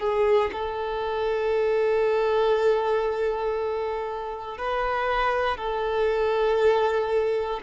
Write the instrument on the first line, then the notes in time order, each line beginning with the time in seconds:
violin
0.00 G#4
0.53 A4
4.58 B4
5.57 A4